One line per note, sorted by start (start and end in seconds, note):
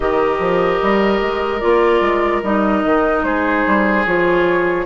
0.00 0.39 D#3
0.00 1.61 G4
0.00 3.25 A#4
0.00 1.60 D#5
0.39 0.79 F3
0.82 1.21 G3
1.21 1.61 G#3
1.60 2.01 A#3
1.60 2.42 F4
1.60 2.41 D5
2.01 2.41 G#3
2.43 2.83 G3
2.43 4.05 D#4
2.43 3.23 D#5
2.84 3.23 D#3
3.23 3.63 G#3
3.23 4.85 G#4
3.23 4.04 C5
3.67 4.06 G3
4.05 4.85 F3
4.05 4.85 F4
4.05 4.85 C#5